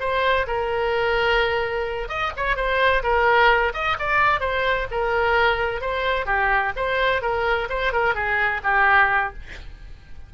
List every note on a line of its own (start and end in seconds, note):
0.00 0.47 C5
0.47 2.09 A#4
2.09 2.32 D#5
2.37 2.56 C#5
2.56 3.03 C5
3.03 3.73 A#4
3.74 3.97 D#5
3.99 4.41 D5
4.41 4.87 C5
4.91 5.81 A#4
5.81 6.26 C5
6.26 6.73 G4
6.76 7.22 C5
7.22 7.68 A#4
7.70 7.93 C5
7.93 8.15 A#4
8.15 8.61 G#4
8.64 9.33 G4